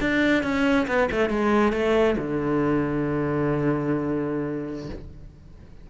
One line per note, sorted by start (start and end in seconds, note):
0.00 0.43 D4
0.43 0.86 C#4
0.87 1.09 B3
1.11 1.29 A3
1.29 1.72 G#3
1.72 2.16 A3
2.18 4.89 D3